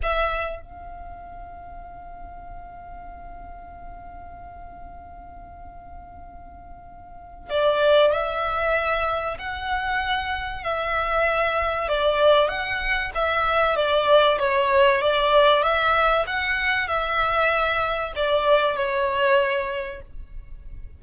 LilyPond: \new Staff \with { instrumentName = "violin" } { \time 4/4 \tempo 4 = 96 e''4 f''2.~ | f''1~ | f''1 | d''4 e''2 fis''4~ |
fis''4 e''2 d''4 | fis''4 e''4 d''4 cis''4 | d''4 e''4 fis''4 e''4~ | e''4 d''4 cis''2 | }